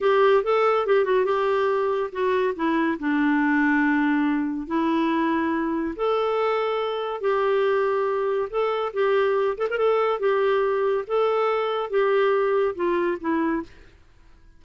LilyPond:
\new Staff \with { instrumentName = "clarinet" } { \time 4/4 \tempo 4 = 141 g'4 a'4 g'8 fis'8 g'4~ | g'4 fis'4 e'4 d'4~ | d'2. e'4~ | e'2 a'2~ |
a'4 g'2. | a'4 g'4. a'16 ais'16 a'4 | g'2 a'2 | g'2 f'4 e'4 | }